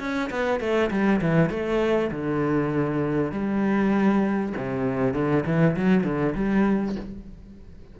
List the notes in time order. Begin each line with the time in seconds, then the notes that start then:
0.00 C#4
0.31 B3
0.61 A3
0.91 G3
1.22 E3
1.50 A3
2.11 D3
3.32 G3
4.57 C3
5.14 D3
5.46 E3
5.77 F#3
6.04 D3
6.36 G3